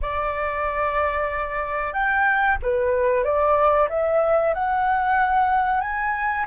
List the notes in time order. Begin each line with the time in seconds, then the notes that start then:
0.01 D5
1.93 G5
2.62 B4
3.24 D5
3.89 E5
4.54 F#5
5.81 G#5